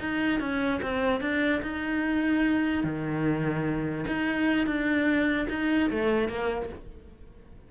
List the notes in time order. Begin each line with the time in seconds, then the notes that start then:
0.00 D#4
0.40 C#4
0.82 C4
1.21 D4
1.63 D#4
2.84 D#3
4.07 D#4
4.67 D4
5.50 D#4
5.91 A3
6.29 A#3